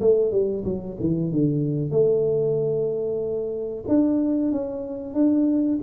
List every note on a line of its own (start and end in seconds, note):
0.00 0.32 A3
0.32 0.64 G3
0.65 0.97 F#3
1.00 1.31 E3
1.31 1.91 D3
1.91 3.84 A3
3.88 4.52 D4
4.52 5.14 C#4
5.14 5.79 D4